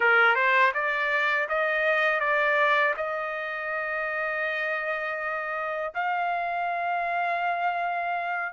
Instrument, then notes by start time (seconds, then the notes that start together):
trumpet
0.00 A#4
0.35 C5
0.73 D5
1.48 D#5
2.20 D5
2.96 D#5
5.94 F5